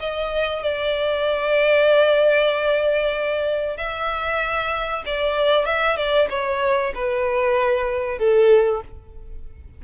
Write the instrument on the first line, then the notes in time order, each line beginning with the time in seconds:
violin
0.00 D#5
0.63 D5
3.78 E5
5.06 D5
5.66 E5
5.97 D5
6.30 C#5
6.95 B4
8.19 A4